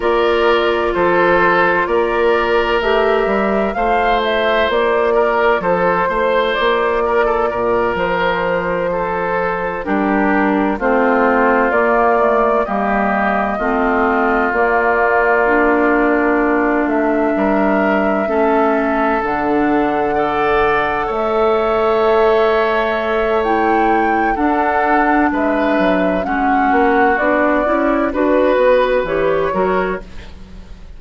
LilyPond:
<<
  \new Staff \with { instrumentName = "flute" } { \time 4/4 \tempo 4 = 64 d''4 c''4 d''4 e''4 | f''8 e''8 d''4 c''4 d''4~ | d''8 c''2 ais'4 c''8~ | c''8 d''4 dis''2 d''8~ |
d''2 e''2~ | e''8 fis''2 e''4.~ | e''4 g''4 fis''4 e''4 | fis''4 d''4 b'4 cis''4 | }
  \new Staff \with { instrumentName = "oboe" } { \time 4/4 ais'4 a'4 ais'2 | c''4. ais'8 a'8 c''4 ais'16 a'16 | ais'4. a'4 g'4 f'8~ | f'4. g'4 f'4.~ |
f'2~ f'8 ais'4 a'8~ | a'4. d''4 cis''4.~ | cis''2 a'4 b'4 | fis'2 b'4. ais'8 | }
  \new Staff \with { instrumentName = "clarinet" } { \time 4/4 f'2. g'4 | f'1~ | f'2~ f'8 d'4 c'8~ | c'8 ais8 a8 ais4 c'4 ais8~ |
ais8 d'2. cis'8~ | cis'8 d'4 a'2~ a'8~ | a'4 e'4 d'2 | cis'4 d'8 e'8 fis'4 g'8 fis'8 | }
  \new Staff \with { instrumentName = "bassoon" } { \time 4/4 ais4 f4 ais4 a8 g8 | a4 ais4 f8 a8 ais4 | ais,8 f2 g4 a8~ | a8 ais4 g4 a4 ais8~ |
ais2 a8 g4 a8~ | a8 d2 a4.~ | a2 d'4 gis8 fis8 | gis8 ais8 b8 cis'8 d'8 b8 e8 fis8 | }
>>